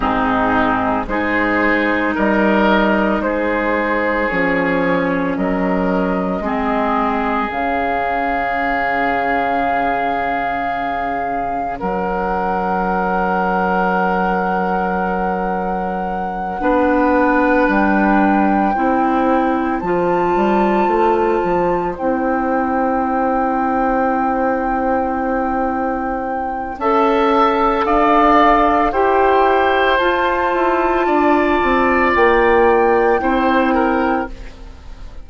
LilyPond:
<<
  \new Staff \with { instrumentName = "flute" } { \time 4/4 \tempo 4 = 56 gis'4 c''4 dis''4 c''4 | cis''4 dis''2 f''4~ | f''2. fis''4~ | fis''1~ |
fis''8 g''2 a''4.~ | a''8 g''2.~ g''8~ | g''4 a''4 f''4 g''4 | a''2 g''2 | }
  \new Staff \with { instrumentName = "oboe" } { \time 4/4 dis'4 gis'4 ais'4 gis'4~ | gis'4 ais'4 gis'2~ | gis'2. ais'4~ | ais'2.~ ais'8 b'8~ |
b'4. c''2~ c''8~ | c''1~ | c''4 e''4 d''4 c''4~ | c''4 d''2 c''8 ais'8 | }
  \new Staff \with { instrumentName = "clarinet" } { \time 4/4 c'4 dis'2. | cis'2 c'4 cis'4~ | cis'1~ | cis'2.~ cis'8 d'8~ |
d'4. e'4 f'4.~ | f'8 e'2.~ e'8~ | e'4 a'2 g'4 | f'2. e'4 | }
  \new Staff \with { instrumentName = "bassoon" } { \time 4/4 gis,4 gis4 g4 gis4 | f4 fis4 gis4 cis4~ | cis2. fis4~ | fis2.~ fis8 b8~ |
b8 g4 c'4 f8 g8 a8 | f8 c'2.~ c'8~ | c'4 cis'4 d'4 e'4 | f'8 e'8 d'8 c'8 ais4 c'4 | }
>>